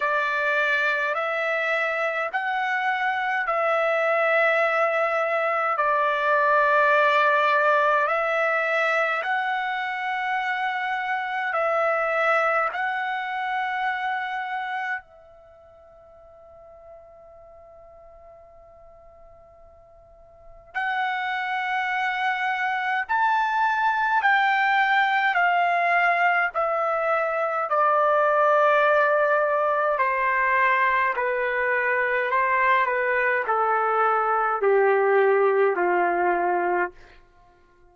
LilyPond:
\new Staff \with { instrumentName = "trumpet" } { \time 4/4 \tempo 4 = 52 d''4 e''4 fis''4 e''4~ | e''4 d''2 e''4 | fis''2 e''4 fis''4~ | fis''4 e''2.~ |
e''2 fis''2 | a''4 g''4 f''4 e''4 | d''2 c''4 b'4 | c''8 b'8 a'4 g'4 f'4 | }